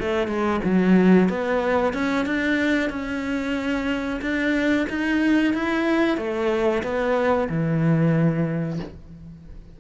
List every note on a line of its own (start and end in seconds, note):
0.00 0.28 A3
0.28 0.60 G#3
0.65 1.29 F#3
1.29 1.94 B3
1.94 2.26 C#4
2.26 2.90 D4
2.90 4.20 C#4
4.22 4.87 D4
4.90 5.54 D#4
5.54 6.17 E4
6.17 6.83 A3
6.83 7.49 B3
7.49 8.80 E3